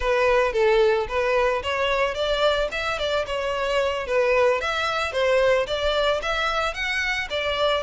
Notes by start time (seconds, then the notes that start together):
0.00 B4
0.53 A4
1.08 B4
1.62 C#5
2.14 D5
2.71 E5
2.98 D5
3.26 C#5
4.07 B4
4.61 E5
5.12 C5
5.66 D5
6.22 E5
6.73 F#5
7.30 D5